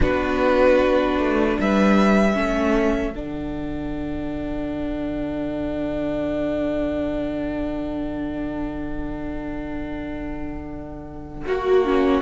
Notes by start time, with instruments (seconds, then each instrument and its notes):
0.00 cello B3, viola D4, violin F#4 B4
1.18 cello A3
1.59 cello G3, violin B4 E5
2.33 cello A3, viola C#4, violin A4
3.13 cello D3, viola D4, violin F#5
11.46 cello A#3, violin F#4, viola F#4
11.85 viola C#4